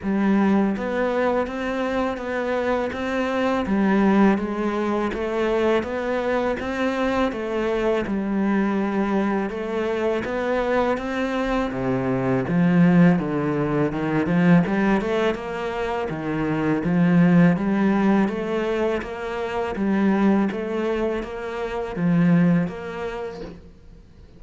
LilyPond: \new Staff \with { instrumentName = "cello" } { \time 4/4 \tempo 4 = 82 g4 b4 c'4 b4 | c'4 g4 gis4 a4 | b4 c'4 a4 g4~ | g4 a4 b4 c'4 |
c4 f4 d4 dis8 f8 | g8 a8 ais4 dis4 f4 | g4 a4 ais4 g4 | a4 ais4 f4 ais4 | }